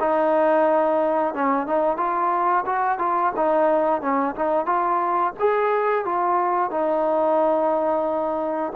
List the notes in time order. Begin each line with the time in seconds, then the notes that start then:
0.00 D#4
1.34 C#4
1.66 D#4
1.97 F4
2.66 F#4
2.99 F4
3.36 D#4
4.01 C#4
4.35 D#4
4.66 F4
5.39 G#4
6.05 F4
6.70 D#4